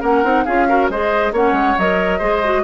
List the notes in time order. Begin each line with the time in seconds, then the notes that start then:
0.00 A#3 C#4 A#4 F#5
0.23 C4 D#4
0.44 C#4 F4 G#4 F5
0.68 F#4 A#4
0.89 G#3 G#4 C5 D#5
1.32 A#3 C#4 C#5 F#5
1.52 G#3
1.78 F#3 A#4 D#5
2.18 G#3 G#4 C5
2.44 F#4